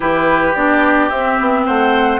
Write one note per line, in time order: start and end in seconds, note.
0.00 0.54 E3
0.00 0.53 E4
0.00 1.60 G4
0.00 0.55 B4
0.54 1.09 B3
0.54 1.11 D4
0.54 1.09 D5
1.09 1.38 C4
1.09 2.19 C4
1.09 1.64 E5
1.40 1.67 B3
1.65 2.19 A3
1.65 2.19 C5
1.65 2.19 F#5